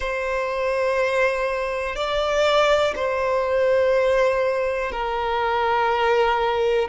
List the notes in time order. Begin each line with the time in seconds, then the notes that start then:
0.00 C5
1.95 D5
2.95 C5
4.91 A#4